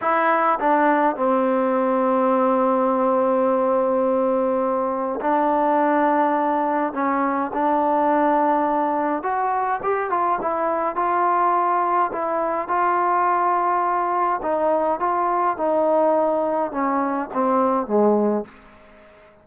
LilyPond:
\new Staff \with { instrumentName = "trombone" } { \time 4/4 \tempo 4 = 104 e'4 d'4 c'2~ | c'1~ | c'4 d'2. | cis'4 d'2. |
fis'4 g'8 f'8 e'4 f'4~ | f'4 e'4 f'2~ | f'4 dis'4 f'4 dis'4~ | dis'4 cis'4 c'4 gis4 | }